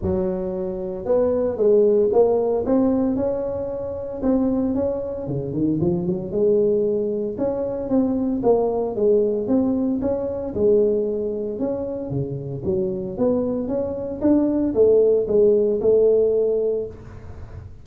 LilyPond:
\new Staff \with { instrumentName = "tuba" } { \time 4/4 \tempo 4 = 114 fis2 b4 gis4 | ais4 c'4 cis'2 | c'4 cis'4 cis8 dis8 f8 fis8 | gis2 cis'4 c'4 |
ais4 gis4 c'4 cis'4 | gis2 cis'4 cis4 | fis4 b4 cis'4 d'4 | a4 gis4 a2 | }